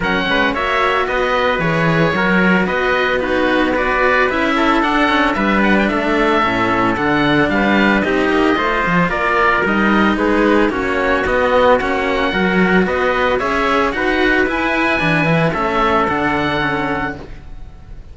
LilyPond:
<<
  \new Staff \with { instrumentName = "oboe" } { \time 4/4 \tempo 4 = 112 fis''4 e''4 dis''4 cis''4~ | cis''4 dis''4 b'4 d''4 | e''4 fis''4 e''8 fis''16 g''16 e''4~ | e''4 fis''4 f''4 dis''4~ |
dis''4 d''4 dis''4 b'4 | cis''4 dis''4 fis''2 | dis''4 e''4 fis''4 gis''4~ | gis''4 e''4 fis''2 | }
  \new Staff \with { instrumentName = "trumpet" } { \time 4/4 ais'8 b'8 cis''4 b'2 | ais'4 b'4 fis'4 b'4~ | b'8 a'4. b'4 a'4~ | a'2 b'4 g'4 |
c''4 ais'2 gis'4 | fis'2. ais'4 | b'4 cis''4 b'2~ | b'4 a'2. | }
  \new Staff \with { instrumentName = "cello" } { \time 4/4 cis'4 fis'2 gis'4 | fis'2 dis'4 fis'4 | e'4 d'8 cis'8 d'2 | cis'4 d'2 dis'4 |
f'2 dis'2 | cis'4 b4 cis'4 fis'4~ | fis'4 gis'4 fis'4 e'4 | d'8 e'8 cis'4 d'4 cis'4 | }
  \new Staff \with { instrumentName = "cello" } { \time 4/4 fis8 gis8 ais4 b4 e4 | fis4 b2. | cis'4 d'4 g4 a4 | a,4 d4 g4 c'8 ais8 |
a8 f8 ais4 g4 gis4 | ais4 b4 ais4 fis4 | b4 cis'4 dis'4 e'4 | e4 a4 d2 | }
>>